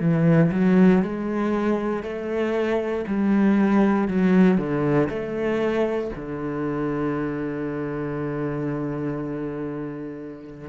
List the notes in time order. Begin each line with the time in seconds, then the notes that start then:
0.00 E3
0.51 F#3
1.02 G#3
2.03 A3
3.06 G3
4.08 F#3
4.58 D3
5.09 A3
6.15 D3